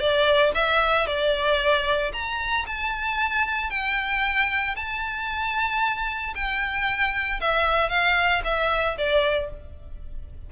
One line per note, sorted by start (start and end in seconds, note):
0.00 0.53 D5
0.55 1.07 E5
1.07 2.12 D5
2.13 2.66 A#5
2.67 3.70 A5
3.70 4.76 G5
4.76 6.34 A5
6.35 7.41 G5
7.41 7.90 E5
7.90 8.42 F5
8.44 8.97 E5
8.98 9.51 D5